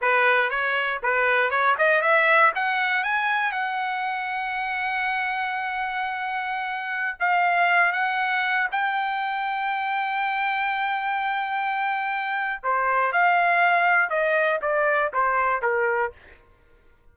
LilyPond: \new Staff \with { instrumentName = "trumpet" } { \time 4/4 \tempo 4 = 119 b'4 cis''4 b'4 cis''8 dis''8 | e''4 fis''4 gis''4 fis''4~ | fis''1~ | fis''2~ fis''16 f''4. fis''16~ |
fis''4~ fis''16 g''2~ g''8.~ | g''1~ | g''4 c''4 f''2 | dis''4 d''4 c''4 ais'4 | }